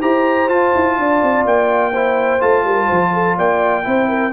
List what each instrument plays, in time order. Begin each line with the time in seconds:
0.00 tuba E4, trombone G4, horn C5, trumpet A#5
0.48 trombone F4, tuba F4, trumpet A5
0.74 tuba E4
0.97 tuba D4, horn D5
1.22 tuba C4
1.45 tuba A#3, trumpet G5
1.91 trombone E4, horn C5
2.40 tuba A3, trombone F4, trumpet A5
2.64 tuba G3, horn A#4
2.85 tuba F3, horn C5
3.12 horn A4
3.37 tuba A#3, horn D5, trumpet G5
3.83 tuba C4, trombone E4, horn C5
4.08 horn A#4